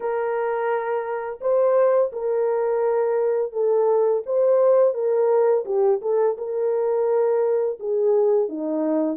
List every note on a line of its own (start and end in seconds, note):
0.00 1.40 A#4
1.41 2.11 C5
2.12 3.52 A#4
3.52 4.23 A4
4.26 4.93 C5
4.93 5.64 A#4
5.65 6.00 G4
6.01 6.37 A4
6.37 7.78 A#4
7.79 8.49 G#4
8.49 9.17 D#4